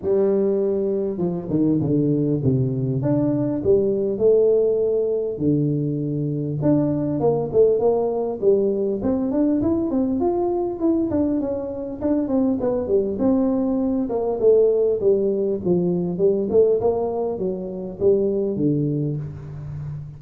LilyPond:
\new Staff \with { instrumentName = "tuba" } { \time 4/4 \tempo 4 = 100 g2 f8 dis8 d4 | c4 d'4 g4 a4~ | a4 d2 d'4 | ais8 a8 ais4 g4 c'8 d'8 |
e'8 c'8 f'4 e'8 d'8 cis'4 | d'8 c'8 b8 g8 c'4. ais8 | a4 g4 f4 g8 a8 | ais4 fis4 g4 d4 | }